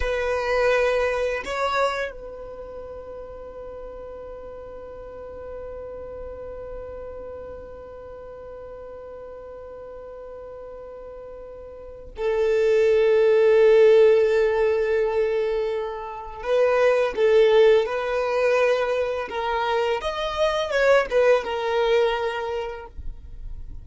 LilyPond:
\new Staff \with { instrumentName = "violin" } { \time 4/4 \tempo 4 = 84 b'2 cis''4 b'4~ | b'1~ | b'1~ | b'1~ |
b'4 a'2.~ | a'2. b'4 | a'4 b'2 ais'4 | dis''4 cis''8 b'8 ais'2 | }